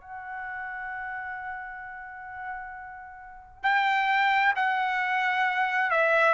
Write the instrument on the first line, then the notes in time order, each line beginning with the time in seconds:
trumpet
0.00 F#5
3.63 G5
4.55 F#5
5.90 E5